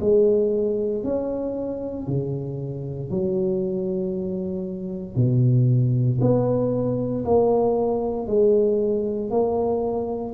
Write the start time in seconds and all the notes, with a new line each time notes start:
0.00 G#3
1.03 C#4
2.07 C#3
3.10 F#3
5.15 B2
6.21 B3
7.25 A#3
8.27 G#3
9.31 A#3